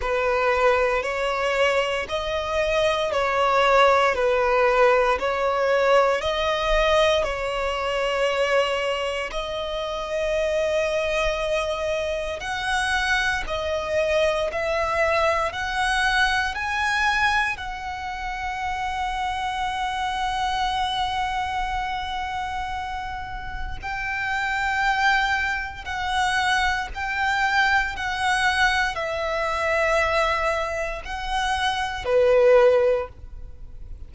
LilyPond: \new Staff \with { instrumentName = "violin" } { \time 4/4 \tempo 4 = 58 b'4 cis''4 dis''4 cis''4 | b'4 cis''4 dis''4 cis''4~ | cis''4 dis''2. | fis''4 dis''4 e''4 fis''4 |
gis''4 fis''2.~ | fis''2. g''4~ | g''4 fis''4 g''4 fis''4 | e''2 fis''4 b'4 | }